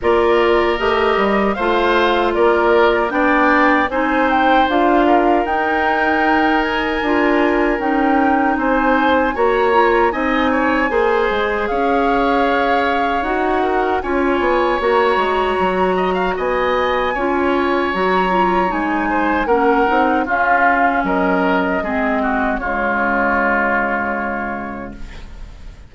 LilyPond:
<<
  \new Staff \with { instrumentName = "flute" } { \time 4/4 \tempo 4 = 77 d''4 dis''4 f''4 d''4 | g''4 gis''8 g''8 f''4 g''4~ | g''8 gis''4. g''4 gis''4 | ais''4 gis''2 f''4~ |
f''4 fis''4 gis''4 ais''4~ | ais''4 gis''2 ais''4 | gis''4 fis''4 f''4 dis''4~ | dis''4 cis''2. | }
  \new Staff \with { instrumentName = "oboe" } { \time 4/4 ais'2 c''4 ais'4 | d''4 c''4. ais'4.~ | ais'2. c''4 | cis''4 dis''8 cis''8 c''4 cis''4~ |
cis''4. ais'8 cis''2~ | cis''8 dis''16 f''16 dis''4 cis''2~ | cis''8 c''8 ais'4 f'4 ais'4 | gis'8 fis'8 f'2. | }
  \new Staff \with { instrumentName = "clarinet" } { \time 4/4 f'4 g'4 f'2 | d'4 dis'4 f'4 dis'4~ | dis'4 f'4 dis'2 | fis'8 f'8 dis'4 gis'2~ |
gis'4 fis'4 f'4 fis'4~ | fis'2 f'4 fis'8 f'8 | dis'4 cis'8 dis'8 cis'2 | c'4 gis2. | }
  \new Staff \with { instrumentName = "bassoon" } { \time 4/4 ais4 a8 g8 a4 ais4 | b4 c'4 d'4 dis'4~ | dis'4 d'4 cis'4 c'4 | ais4 c'4 ais8 gis8 cis'4~ |
cis'4 dis'4 cis'8 b8 ais8 gis8 | fis4 b4 cis'4 fis4 | gis4 ais8 c'8 cis'4 fis4 | gis4 cis2. | }
>>